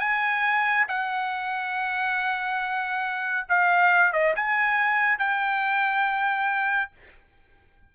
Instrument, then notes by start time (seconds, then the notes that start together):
trumpet
0.00 G#5
0.88 F#5
3.49 F5
4.13 D#5
4.36 G#5
5.19 G5